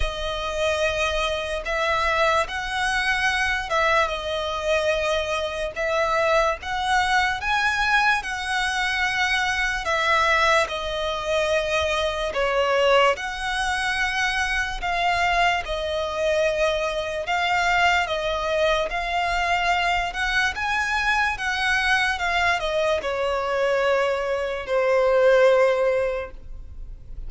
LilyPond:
\new Staff \with { instrumentName = "violin" } { \time 4/4 \tempo 4 = 73 dis''2 e''4 fis''4~ | fis''8 e''8 dis''2 e''4 | fis''4 gis''4 fis''2 | e''4 dis''2 cis''4 |
fis''2 f''4 dis''4~ | dis''4 f''4 dis''4 f''4~ | f''8 fis''8 gis''4 fis''4 f''8 dis''8 | cis''2 c''2 | }